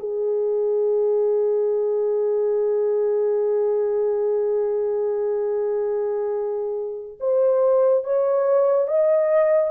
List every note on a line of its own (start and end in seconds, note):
0.00 7.18 G#4
7.20 8.04 C5
8.04 8.88 C#5
8.88 9.71 D#5